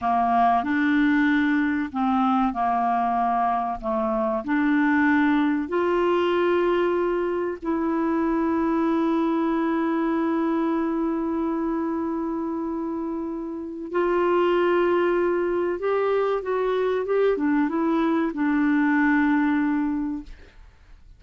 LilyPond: \new Staff \with { instrumentName = "clarinet" } { \time 4/4 \tempo 4 = 95 ais4 d'2 c'4 | ais2 a4 d'4~ | d'4 f'2. | e'1~ |
e'1~ | e'2 f'2~ | f'4 g'4 fis'4 g'8 d'8 | e'4 d'2. | }